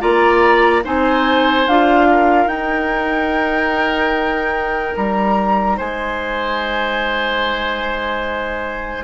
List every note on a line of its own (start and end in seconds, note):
0.00 0.85 A#3
0.00 0.82 F4
0.00 0.83 D5
0.00 0.83 A#5
0.84 1.67 C4
0.84 1.66 D#4
0.84 2.07 C5
0.84 1.67 G#5
1.67 2.46 D4
1.67 2.49 F4
1.67 2.48 F5
2.11 5.77 A#4
2.46 4.93 D#4
2.46 9.04 D#4
2.46 4.95 G5
4.96 5.79 G3
4.96 5.78 A#5
5.77 9.04 G#3
5.77 9.04 C5
5.77 9.04 G#5